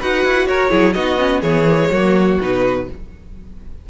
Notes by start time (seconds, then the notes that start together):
0.00 D#4 F#4 B4 F#5
0.25 E4
0.47 F#4 A#4 C#5
0.70 F#3 E4 G#4
0.93 B3 D#4 F#4 D#5
1.18 C#4
1.41 E3 B3 G#4 C#5
1.69 A#3
1.82 G#3
1.91 F#3 A#3 F#4
2.41 B2 D#4 B4